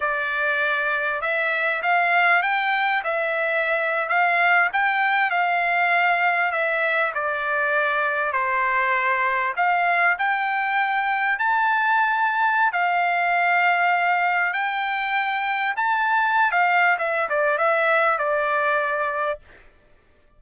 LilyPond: \new Staff \with { instrumentName = "trumpet" } { \time 4/4 \tempo 4 = 99 d''2 e''4 f''4 | g''4 e''4.~ e''16 f''4 g''16~ | g''8. f''2 e''4 d''16~ | d''4.~ d''16 c''2 f''16~ |
f''8. g''2 a''4~ a''16~ | a''4 f''2. | g''2 a''4~ a''16 f''8. | e''8 d''8 e''4 d''2 | }